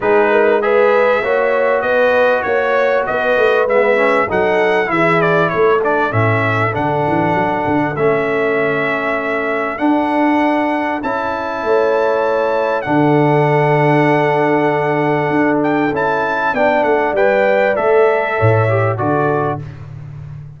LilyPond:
<<
  \new Staff \with { instrumentName = "trumpet" } { \time 4/4 \tempo 4 = 98 b'4 e''2 dis''4 | cis''4 dis''4 e''4 fis''4 | e''8 d''8 cis''8 d''8 e''4 fis''4~ | fis''4 e''2. |
fis''2 a''2~ | a''4 fis''2.~ | fis''4. g''8 a''4 g''8 fis''8 | g''4 e''2 d''4 | }
  \new Staff \with { instrumentName = "horn" } { \time 4/4 gis'8 ais'8 b'4 cis''4 b'4 | cis''4 b'2 a'4 | gis'4 a'2.~ | a'1~ |
a'2. cis''4~ | cis''4 a'2.~ | a'2. d''4~ | d''2 cis''4 a'4 | }
  \new Staff \with { instrumentName = "trombone" } { \time 4/4 dis'4 gis'4 fis'2~ | fis'2 b8 cis'8 dis'4 | e'4. d'8 cis'4 d'4~ | d'4 cis'2. |
d'2 e'2~ | e'4 d'2.~ | d'2 e'4 d'4 | b'4 a'4. g'8 fis'4 | }
  \new Staff \with { instrumentName = "tuba" } { \time 4/4 gis2 ais4 b4 | ais4 b8 a8 gis4 fis4 | e4 a4 a,4 d8 e8 | fis8 d8 a2. |
d'2 cis'4 a4~ | a4 d2.~ | d4 d'4 cis'4 b8 a8 | g4 a4 a,4 d4 | }
>>